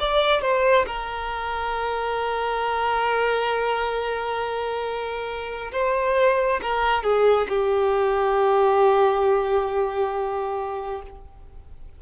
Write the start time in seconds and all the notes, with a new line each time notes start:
0.00 D5
0.42 C5
0.87 A#4
5.72 C5
6.62 A#4
7.03 G#4
7.49 G4